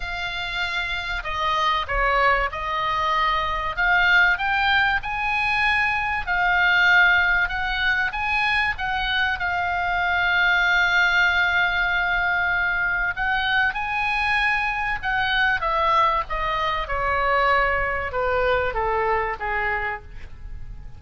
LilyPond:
\new Staff \with { instrumentName = "oboe" } { \time 4/4 \tempo 4 = 96 f''2 dis''4 cis''4 | dis''2 f''4 g''4 | gis''2 f''2 | fis''4 gis''4 fis''4 f''4~ |
f''1~ | f''4 fis''4 gis''2 | fis''4 e''4 dis''4 cis''4~ | cis''4 b'4 a'4 gis'4 | }